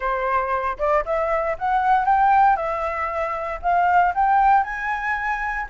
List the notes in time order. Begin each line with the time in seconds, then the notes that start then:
0.00 C5
0.78 D5
1.05 E5
1.58 F#5
2.05 G5
2.56 E5
3.62 F5
4.14 G5
4.63 G#5